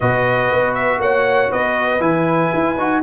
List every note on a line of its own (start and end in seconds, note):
0.00 0.51 B2
0.00 2.00 F#4
0.00 0.99 B4
0.00 0.74 D#5
0.51 0.98 B3
0.74 0.99 E5
0.98 1.49 A#3
0.98 1.50 C#5
0.98 1.52 F#5
1.50 2.00 B3
1.50 3.02 B4
1.50 2.01 D#5
2.00 2.50 E3
2.00 2.75 E4
2.00 3.02 G#5
2.53 2.78 E4
2.78 3.02 D#4
2.78 3.02 F#4